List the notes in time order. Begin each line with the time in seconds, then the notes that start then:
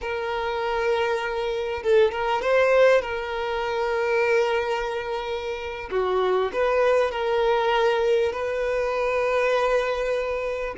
0.01 A#4
1.83 A4
2.11 A#4
2.41 C5
3.01 A#4
5.91 F#4
6.53 B4
7.11 A#4
8.32 B4